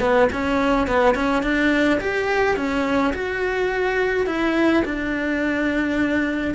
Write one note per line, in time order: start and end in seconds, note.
0.00 0.28 B3
0.32 0.87 C#4
0.87 1.15 B3
1.15 1.43 C#4
1.43 2.00 D4
2.01 2.57 G4
2.57 3.13 C#4
3.14 4.27 F#4
4.27 4.83 E4
4.85 6.55 D4